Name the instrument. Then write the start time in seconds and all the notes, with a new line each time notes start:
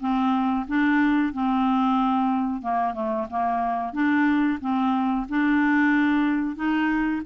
clarinet
0.00 C4
0.67 D4
1.32 C4
2.62 A#3
2.93 A3
3.30 A#3
3.93 D4
4.60 C4
5.29 D4
6.55 D#4